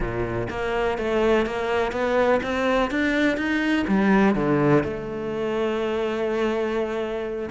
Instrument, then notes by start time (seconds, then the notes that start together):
cello
0.00 A#2
0.49 A#3
0.97 A3
1.46 A#3
1.92 B3
2.42 C4
2.91 D4
3.37 D#4
3.87 G3
4.35 D3
4.83 A3